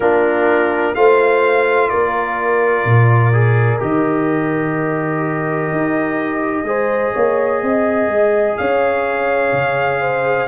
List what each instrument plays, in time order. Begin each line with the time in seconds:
0.00 tuba A#3, trombone D4, horn F4, trumpet A#4
0.94 tuba A3, trombone F4, horn C5, trumpet F5
1.89 tuba A#3, horn A#4, trumpet D5
2.84 tuba A#2
3.32 trombone G#4
3.79 tuba D#3, trombone G4, trumpet D#5
5.71 tuba D#4
6.63 tuba G#3, trombone G#4, horn C5
7.13 tuba A#3, horn C#5
7.62 tuba C4, horn D#5
8.07 tuba G#3
8.57 tuba C#4, horn C#5, trumpet F5
9.52 tuba C#3
10.01 horn C5